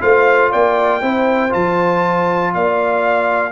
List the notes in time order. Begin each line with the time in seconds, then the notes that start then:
0.00 A3 F4 C5 F5
0.50 A#3 D5 G5
1.01 C4 E4 C5
1.50 F3 F4 A5
2.54 A#3 D5 F5